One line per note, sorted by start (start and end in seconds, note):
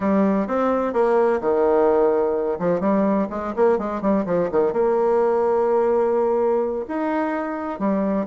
0.00 0.47 G3
0.47 0.93 C4
0.93 1.40 A#3
1.40 2.59 D#3
2.59 2.80 F3
2.80 3.27 G3
3.29 3.53 G#3
3.56 3.78 A#3
3.78 4.01 G#3
4.01 4.25 G3
4.25 4.49 F3
4.51 4.72 D#3
4.72 6.85 A#3
6.88 7.79 D#4
7.79 8.26 G3